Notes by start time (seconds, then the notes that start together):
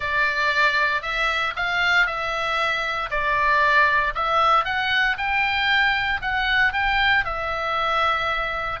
0.00 D5
1.01 E5
1.56 F5
2.06 E5
3.10 D5
4.14 E5
4.65 F#5
5.17 G5
6.21 F#5
6.72 G5
7.24 E5